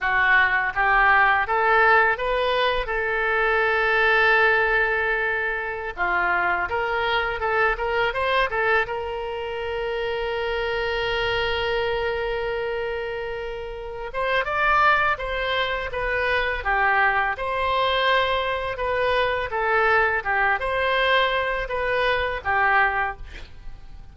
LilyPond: \new Staff \with { instrumentName = "oboe" } { \time 4/4 \tempo 4 = 83 fis'4 g'4 a'4 b'4 | a'1~ | a'16 f'4 ais'4 a'8 ais'8 c''8 a'16~ | a'16 ais'2.~ ais'8.~ |
ais'2.~ ais'8 c''8 | d''4 c''4 b'4 g'4 | c''2 b'4 a'4 | g'8 c''4. b'4 g'4 | }